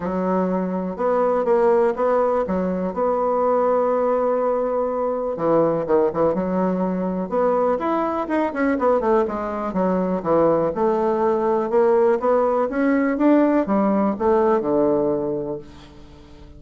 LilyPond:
\new Staff \with { instrumentName = "bassoon" } { \time 4/4 \tempo 4 = 123 fis2 b4 ais4 | b4 fis4 b2~ | b2. e4 | dis8 e8 fis2 b4 |
e'4 dis'8 cis'8 b8 a8 gis4 | fis4 e4 a2 | ais4 b4 cis'4 d'4 | g4 a4 d2 | }